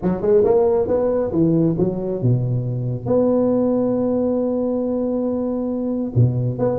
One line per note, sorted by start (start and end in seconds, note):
0.02 0.21 F#3
0.21 0.43 G#3
0.44 0.87 A#3
0.87 1.31 B3
1.32 1.76 E3
1.78 2.22 F#3
2.22 3.06 B2
3.06 6.12 B3
6.15 6.58 B2
6.58 6.78 B3